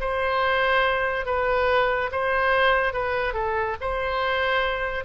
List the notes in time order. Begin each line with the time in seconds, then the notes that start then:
0.00 C5
1.26 B4
2.12 C5
2.93 B4
3.34 A4
3.81 C5